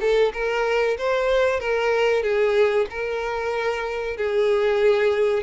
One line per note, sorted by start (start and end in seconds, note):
0.00 0.32 A4
0.33 0.97 A#4
0.98 1.60 C5
1.60 2.23 A#4
2.23 2.86 G#4
2.90 4.17 A#4
4.17 5.43 G#4